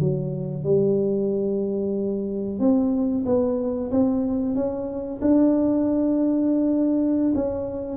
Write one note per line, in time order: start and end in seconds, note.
0.00 0.64 F#3
0.64 2.59 G3
2.59 3.24 C4
3.25 3.91 B3
3.91 4.55 C4
4.55 5.20 C#4
5.21 7.33 D4
7.35 7.97 C#4